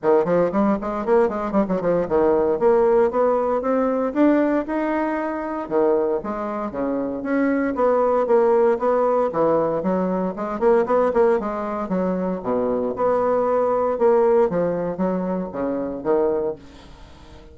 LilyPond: \new Staff \with { instrumentName = "bassoon" } { \time 4/4 \tempo 4 = 116 dis8 f8 g8 gis8 ais8 gis8 g16 fis16 f8 | dis4 ais4 b4 c'4 | d'4 dis'2 dis4 | gis4 cis4 cis'4 b4 |
ais4 b4 e4 fis4 | gis8 ais8 b8 ais8 gis4 fis4 | b,4 b2 ais4 | f4 fis4 cis4 dis4 | }